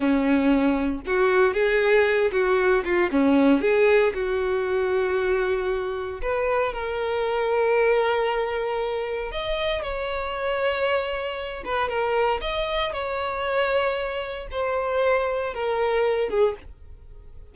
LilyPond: \new Staff \with { instrumentName = "violin" } { \time 4/4 \tempo 4 = 116 cis'2 fis'4 gis'4~ | gis'8 fis'4 f'8 cis'4 gis'4 | fis'1 | b'4 ais'2.~ |
ais'2 dis''4 cis''4~ | cis''2~ cis''8 b'8 ais'4 | dis''4 cis''2. | c''2 ais'4. gis'8 | }